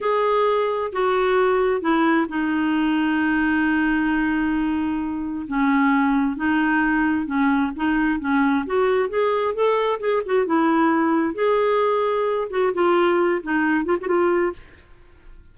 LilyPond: \new Staff \with { instrumentName = "clarinet" } { \time 4/4 \tempo 4 = 132 gis'2 fis'2 | e'4 dis'2.~ | dis'1 | cis'2 dis'2 |
cis'4 dis'4 cis'4 fis'4 | gis'4 a'4 gis'8 fis'8 e'4~ | e'4 gis'2~ gis'8 fis'8 | f'4. dis'4 f'16 fis'16 f'4 | }